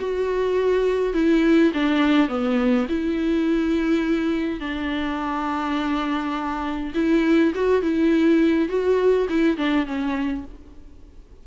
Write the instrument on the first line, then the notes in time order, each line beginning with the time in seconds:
viola
0.00 F#4
1.14 E4
1.74 D4
2.29 B3
2.89 E4
4.60 D4
6.95 E4
7.55 F#4
7.82 E4
8.69 F#4
9.30 E4
9.57 D4
9.87 C#4